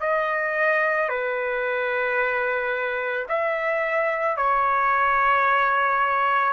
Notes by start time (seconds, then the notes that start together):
0.00 D#5
1.09 B4
3.28 E5
4.36 C#5